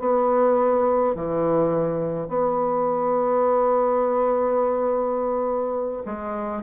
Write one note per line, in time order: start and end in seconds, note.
0.00 1.15 B3
1.16 2.29 E3
2.29 6.04 B3
6.06 6.63 G#3